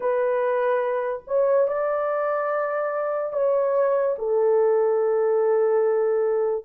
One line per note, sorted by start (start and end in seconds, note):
0.00 1.23 B4
1.27 1.67 C#5
1.67 3.33 D5
3.33 4.16 C#5
4.18 6.64 A4